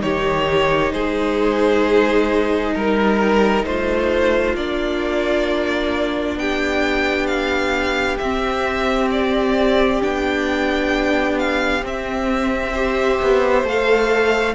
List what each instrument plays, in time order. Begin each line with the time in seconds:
0.00 cello D#3, viola D#4, violin G4 C#5
0.92 cello G#3, violin G#4 C5
2.74 cello G3, violin A#4
3.64 cello A3, violin F4 C5
4.55 cello A#3, viola D4, violin D5
6.35 cello B3, violin G4 G5
7.27 violin F5
8.18 cello C4, viola C4, violin E5
9.11 violin D5
10.01 cello B3, viola D4, violin G5
11.38 violin F5
11.83 viola C4, cello C4, violin E5
12.72 viola G4, violin C5
13.21 cello B3
13.63 cello A3, viola A4, violin F5